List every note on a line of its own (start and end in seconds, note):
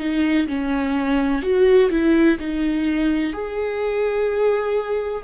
0.00 0.48 D#4
0.48 1.43 C#4
1.43 1.90 F#4
1.90 2.38 E4
2.40 3.33 D#4
3.33 5.24 G#4